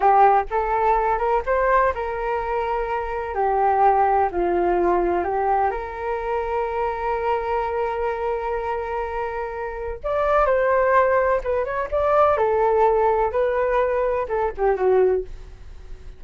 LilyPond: \new Staff \with { instrumentName = "flute" } { \time 4/4 \tempo 4 = 126 g'4 a'4. ais'8 c''4 | ais'2. g'4~ | g'4 f'2 g'4 | ais'1~ |
ais'1~ | ais'4 d''4 c''2 | b'8 cis''8 d''4 a'2 | b'2 a'8 g'8 fis'4 | }